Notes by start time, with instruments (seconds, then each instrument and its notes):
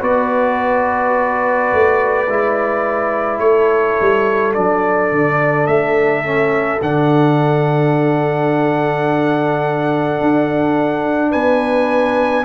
0.00 tuba B3, trombone F#4, horn B4, trumpet D5
1.73 tuba A3
2.28 tuba G#3, trombone E4
3.39 tuba A3, horn A4, trumpet C#5
4.00 tuba G3
4.54 tuba F#3, trombone D4, trumpet D5
5.11 tuba D3
5.67 tuba A3, trumpet E5
6.24 trombone C#4
6.81 tuba D3, trombone D4, trumpet F#5
10.21 tuba D4
11.30 tuba B3, horn B4, trumpet G#5